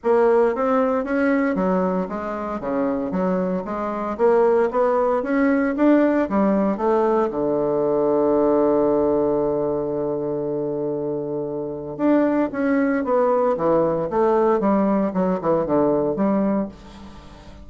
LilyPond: \new Staff \with { instrumentName = "bassoon" } { \time 4/4 \tempo 4 = 115 ais4 c'4 cis'4 fis4 | gis4 cis4 fis4 gis4 | ais4 b4 cis'4 d'4 | g4 a4 d2~ |
d1~ | d2. d'4 | cis'4 b4 e4 a4 | g4 fis8 e8 d4 g4 | }